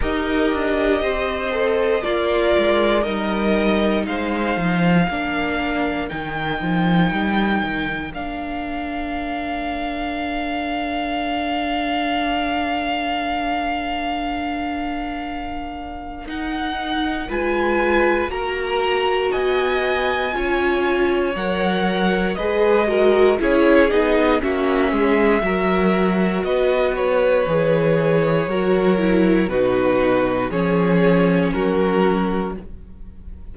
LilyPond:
<<
  \new Staff \with { instrumentName = "violin" } { \time 4/4 \tempo 4 = 59 dis''2 d''4 dis''4 | f''2 g''2 | f''1~ | f''1 |
fis''4 gis''4 ais''4 gis''4~ | gis''4 fis''4 dis''4 cis''8 dis''8 | e''2 dis''8 cis''4.~ | cis''4 b'4 cis''4 ais'4 | }
  \new Staff \with { instrumentName = "violin" } { \time 4/4 ais'4 c''4 f'4 ais'4 | c''4 ais'2.~ | ais'1~ | ais'1~ |
ais'4 b'4 ais'4 dis''4 | cis''2 b'8 ais'8 gis'4 | fis'8 gis'8 ais'4 b'2 | ais'4 fis'4 gis'4 fis'4 | }
  \new Staff \with { instrumentName = "viola" } { \time 4/4 g'4. a'8 ais'4 dis'4~ | dis'4 d'4 dis'2 | d'1~ | d'1 |
dis'4 f'4 fis'2 | f'4 ais'4 gis'8 fis'8 e'8 dis'8 | cis'4 fis'2 gis'4 | fis'8 e'8 dis'4 cis'2 | }
  \new Staff \with { instrumentName = "cello" } { \time 4/4 dis'8 d'8 c'4 ais8 gis8 g4 | gis8 f8 ais4 dis8 f8 g8 dis8 | ais1~ | ais1 |
dis'4 gis4 ais4 b4 | cis'4 fis4 gis4 cis'8 b8 | ais8 gis8 fis4 b4 e4 | fis4 b,4 f4 fis4 | }
>>